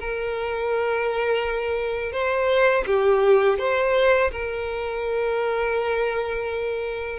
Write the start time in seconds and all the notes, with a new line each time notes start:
0.00 A#4
2.12 C5
2.87 G4
3.59 C5
4.31 A#4